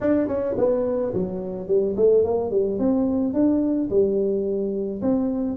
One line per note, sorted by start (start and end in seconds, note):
0.01 0.27 D4
0.27 0.55 C#4
0.57 1.13 B3
1.13 1.67 F#3
1.67 1.95 G3
1.96 2.24 A3
2.24 2.51 A#3
2.51 2.78 G3
2.78 3.33 C4
3.33 3.89 D4
3.90 5.01 G3
5.01 5.56 C4